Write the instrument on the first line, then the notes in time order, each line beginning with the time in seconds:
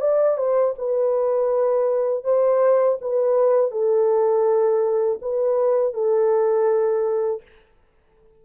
horn
0.00 D5
0.37 C5
0.78 B4
2.24 C5
3.01 B4
3.71 A4
5.21 B4
5.93 A4